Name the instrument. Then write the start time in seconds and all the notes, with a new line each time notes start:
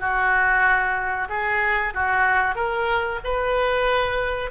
oboe
0.00 F#4
1.29 G#4
1.94 F#4
2.55 A#4
3.24 B4